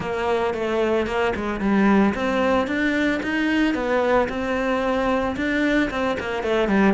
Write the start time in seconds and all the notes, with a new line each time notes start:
0.00 A#3
0.54 A3
1.06 A#3
1.35 G#3
1.60 G3
2.14 C4
2.67 D4
3.22 D#4
3.74 B3
4.29 C4
5.36 D4
5.90 C4
6.19 A#3
6.43 A3
6.68 G3